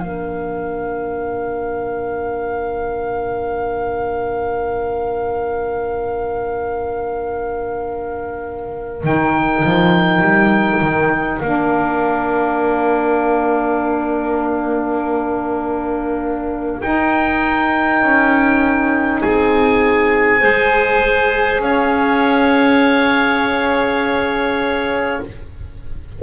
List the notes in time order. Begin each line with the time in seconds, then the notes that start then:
0.00 A#3 D4 A#4 F5
9.03 D#3 D#4 G5
9.65 F3
10.21 G3
10.81 D#3
11.40 A#3 D4 F5
16.82 D#4 G5
18.03 C#4
19.22 C4 G#4 G#5
20.40 G#3 G#4 C5
21.60 C#4 C#5 F5